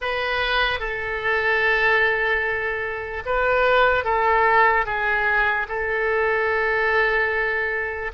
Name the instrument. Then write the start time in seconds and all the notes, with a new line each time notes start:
oboe
0.01 B4
0.79 A4
3.25 B4
4.04 A4
4.85 G#4
5.68 A4